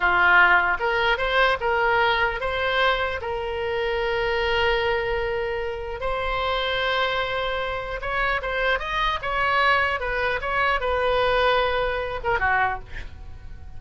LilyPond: \new Staff \with { instrumentName = "oboe" } { \time 4/4 \tempo 4 = 150 f'2 ais'4 c''4 | ais'2 c''2 | ais'1~ | ais'2. c''4~ |
c''1 | cis''4 c''4 dis''4 cis''4~ | cis''4 b'4 cis''4 b'4~ | b'2~ b'8 ais'8 fis'4 | }